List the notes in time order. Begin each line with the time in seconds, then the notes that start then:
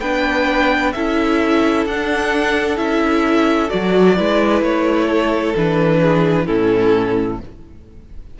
0.00 B3 D4 B4 G5
0.92 C#4 E4 A4 E5
1.86 D4 F#5
2.77 C#4 E4 E5
3.69 F#3 F#4 D5
4.16 G#3 E4 B4
4.62 A3 C#5
5.07 A4
5.56 E3 D4 B4
6.01 G#4
6.46 A2 C#4 E4 A4